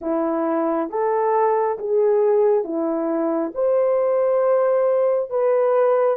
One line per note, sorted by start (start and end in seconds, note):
0.01 0.89 E4
0.89 1.78 A4
1.78 2.64 G#4
2.64 3.52 E4
3.54 5.29 C5
5.29 6.17 B4